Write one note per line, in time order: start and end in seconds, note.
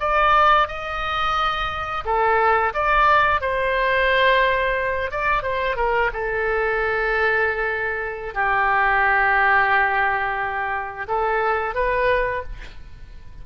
0.00 0.68 D5
0.68 2.04 D#5
2.05 2.73 A4
2.74 3.41 D5
3.41 5.11 C5
5.11 5.43 D5
5.43 5.76 C5
5.76 6.11 A#4
6.13 8.34 A4
8.34 11.07 G4
11.08 11.75 A4
11.75 12.43 B4